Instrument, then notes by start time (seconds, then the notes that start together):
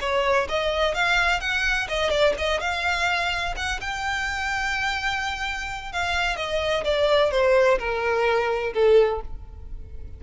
violin
0.00 C#5
0.48 D#5
0.94 F5
1.40 F#5
1.88 D#5
2.10 D5
2.38 D#5
2.60 F5
3.56 F#5
3.81 G5
5.92 F5
6.36 D#5
6.84 D5
7.31 C5
7.78 A#4
8.73 A4